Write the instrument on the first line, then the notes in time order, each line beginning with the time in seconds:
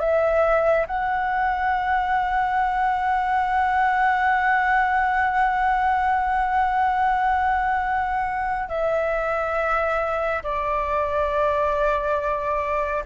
flute
0.00 E5
0.87 F#5
8.69 E5
10.43 D5